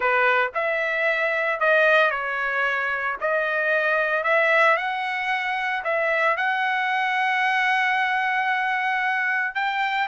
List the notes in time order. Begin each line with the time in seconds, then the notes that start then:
0.00 B4
0.54 E5
1.60 D#5
2.10 C#5
3.21 D#5
4.23 E5
4.76 F#5
5.83 E5
6.36 F#5
9.54 G5